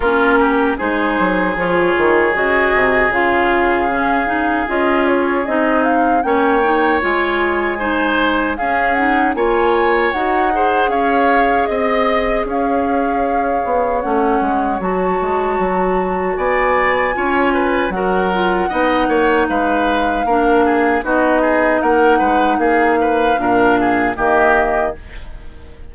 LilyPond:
<<
  \new Staff \with { instrumentName = "flute" } { \time 4/4 \tempo 4 = 77 ais'4 c''4 cis''4 dis''4 | f''2 dis''8 cis''8 dis''8 f''8 | g''4 gis''2 f''8 fis''8 | gis''4 fis''4 f''4 dis''4 |
f''2 fis''4 a''4~ | a''4 gis''2 fis''4~ | fis''4 f''2 dis''4 | fis''4 f''2 dis''4 | }
  \new Staff \with { instrumentName = "oboe" } { \time 4/4 f'8 g'8 gis'2.~ | gis'1 | cis''2 c''4 gis'4 | cis''4. c''8 cis''4 dis''4 |
cis''1~ | cis''4 d''4 cis''8 b'8 ais'4 | dis''8 cis''8 b'4 ais'8 gis'8 fis'8 gis'8 | ais'8 b'8 gis'8 b'8 ais'8 gis'8 g'4 | }
  \new Staff \with { instrumentName = "clarinet" } { \time 4/4 cis'4 dis'4 f'4 fis'4 | f'4 cis'8 dis'8 f'4 dis'4 | cis'8 dis'8 f'4 dis'4 cis'8 dis'8 | f'4 fis'8 gis'2~ gis'8~ |
gis'2 cis'4 fis'4~ | fis'2 f'4 fis'8 f'8 | dis'2 d'4 dis'4~ | dis'2 d'4 ais4 | }
  \new Staff \with { instrumentName = "bassoon" } { \time 4/4 ais4 gis8 fis8 f8 dis8 cis8 c8 | cis2 cis'4 c'4 | ais4 gis2 cis'4 | ais4 dis'4 cis'4 c'4 |
cis'4. b8 a8 gis8 fis8 gis8 | fis4 b4 cis'4 fis4 | b8 ais8 gis4 ais4 b4 | ais8 gis8 ais4 ais,4 dis4 | }
>>